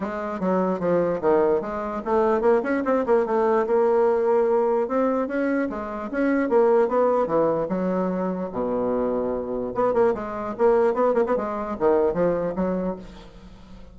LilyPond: \new Staff \with { instrumentName = "bassoon" } { \time 4/4 \tempo 4 = 148 gis4 fis4 f4 dis4 | gis4 a4 ais8 cis'8 c'8 ais8 | a4 ais2. | c'4 cis'4 gis4 cis'4 |
ais4 b4 e4 fis4~ | fis4 b,2. | b8 ais8 gis4 ais4 b8 ais16 b16 | gis4 dis4 f4 fis4 | }